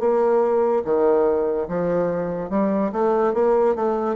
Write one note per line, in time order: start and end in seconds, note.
0.00 0.83 A#3
0.85 1.68 D#3
1.69 2.50 F3
2.50 2.92 G3
2.93 3.34 A3
3.34 3.76 A#3
3.76 4.16 A3